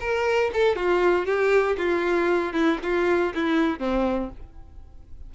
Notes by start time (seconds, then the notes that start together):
0.00 A#4
0.53 A4
0.75 F4
1.26 G4
1.77 F4
2.53 E4
2.82 F4
3.34 E4
3.79 C4